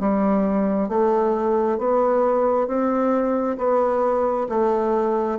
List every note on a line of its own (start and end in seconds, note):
0.00 0.89 G3
0.89 1.78 A3
1.78 2.68 B3
2.68 3.57 C4
3.58 4.48 B3
4.49 5.39 A3